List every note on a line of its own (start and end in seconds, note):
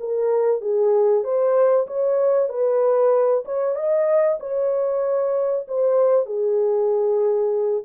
0.00 0.61 A#4
0.61 1.24 G#4
1.24 1.87 C5
1.87 2.49 C#5
2.49 3.44 B4
3.45 3.76 C#5
3.76 4.39 D#5
4.40 5.66 C#5
5.68 6.26 C5
6.26 7.84 G#4